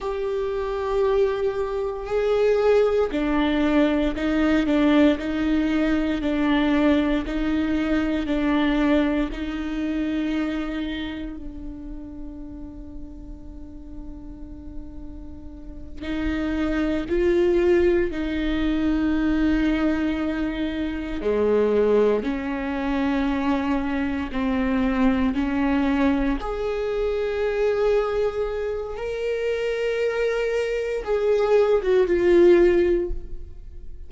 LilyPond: \new Staff \with { instrumentName = "viola" } { \time 4/4 \tempo 4 = 58 g'2 gis'4 d'4 | dis'8 d'8 dis'4 d'4 dis'4 | d'4 dis'2 d'4~ | d'2.~ d'8 dis'8~ |
dis'8 f'4 dis'2~ dis'8~ | dis'8 gis4 cis'2 c'8~ | c'8 cis'4 gis'2~ gis'8 | ais'2 gis'8. fis'16 f'4 | }